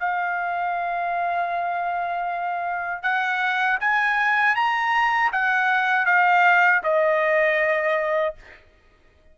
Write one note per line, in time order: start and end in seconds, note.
0.00 3.02 F5
3.02 3.78 F#5
3.80 4.55 G#5
4.55 5.31 A#5
5.32 6.06 F#5
6.06 6.82 F5
6.83 8.35 D#5